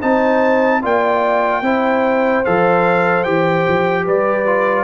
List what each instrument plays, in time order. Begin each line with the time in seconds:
0.00 tuba C4, trombone D#4, horn C5, trumpet A5
0.81 tuba A#3, trombone F4, horn D5, trumpet G5
1.61 tuba C4, trombone E4, horn C5
2.44 tuba F3, trombone A4, trumpet F5
3.23 tuba E3, trombone G4, trumpet G5
3.68 tuba F3
4.04 tuba G3, horn B4, trumpet D5
4.46 trombone F4